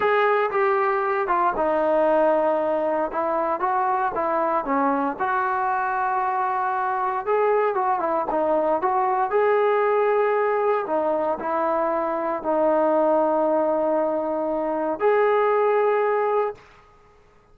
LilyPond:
\new Staff \with { instrumentName = "trombone" } { \time 4/4 \tempo 4 = 116 gis'4 g'4. f'8 dis'4~ | dis'2 e'4 fis'4 | e'4 cis'4 fis'2~ | fis'2 gis'4 fis'8 e'8 |
dis'4 fis'4 gis'2~ | gis'4 dis'4 e'2 | dis'1~ | dis'4 gis'2. | }